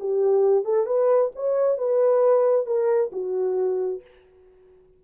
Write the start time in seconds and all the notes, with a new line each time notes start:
0.00 G4
0.65 A4
0.87 B4
1.36 C#5
1.78 B4
2.67 A#4
3.12 F#4